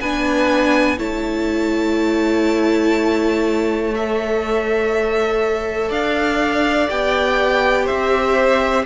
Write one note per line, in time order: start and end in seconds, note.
0.00 0.98 B3
0.00 0.98 D4
0.00 0.98 B4
0.00 0.98 G#5
0.98 5.90 A3
0.98 3.93 E4
0.98 5.89 C#5
0.98 3.94 A5
3.94 6.88 A4
3.94 5.91 E5
5.89 6.89 D4
5.89 7.84 D5
5.89 6.89 F5
6.88 7.89 B3
6.88 8.85 G4
6.88 7.87 G5
7.84 8.85 C4
7.84 8.83 C5
7.84 8.85 E5